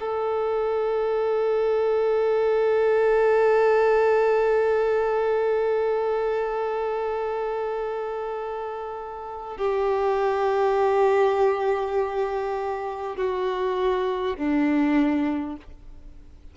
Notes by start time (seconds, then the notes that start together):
0.00 A4
9.57 G4
13.16 F#4
14.36 D4